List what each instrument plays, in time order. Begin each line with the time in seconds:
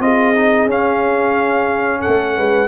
0.00 tuba C4, trombone F4, horn G#4, trumpet D#5
0.35 trombone D#4
0.65 tuba C#4, trombone C#4, trumpet F5
2.00 horn A4, trumpet F#5
2.07 tuba A3
2.36 tuba G#3, horn B4